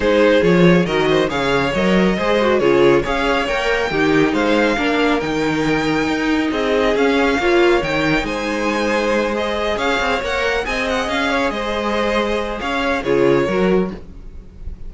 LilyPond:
<<
  \new Staff \with { instrumentName = "violin" } { \time 4/4 \tempo 4 = 138 c''4 cis''4 dis''4 f''4 | dis''2 cis''4 f''4 | g''2 f''2 | g''2. dis''4 |
f''2 g''4 gis''4~ | gis''4. dis''4 f''4 fis''8~ | fis''8 gis''8 fis''8 f''4 dis''4.~ | dis''4 f''4 cis''2 | }
  \new Staff \with { instrumentName = "violin" } { \time 4/4 gis'2 ais'8 c''8 cis''4~ | cis''4 c''4 gis'4 cis''4~ | cis''4 g'4 c''4 ais'4~ | ais'2. gis'4~ |
gis'4 cis''2 c''4~ | c''2~ c''8 cis''4.~ | cis''8 dis''4. cis''8 c''4.~ | c''4 cis''4 gis'4 ais'4 | }
  \new Staff \with { instrumentName = "viola" } { \time 4/4 dis'4 f'4 fis'4 gis'4 | ais'4 gis'8 fis'8 f'4 gis'4 | ais'4 dis'2 d'4 | dis'1 |
cis'4 f'4 dis'2~ | dis'4. gis'2 ais'8~ | ais'8 gis'2.~ gis'8~ | gis'2 f'4 fis'4 | }
  \new Staff \with { instrumentName = "cello" } { \time 4/4 gis4 f4 dis4 cis4 | fis4 gis4 cis4 cis'4 | ais4 dis4 gis4 ais4 | dis2 dis'4 c'4 |
cis'4 ais4 dis4 gis4~ | gis2~ gis8 cis'8 c'8 ais8~ | ais8 c'4 cis'4 gis4.~ | gis4 cis'4 cis4 fis4 | }
>>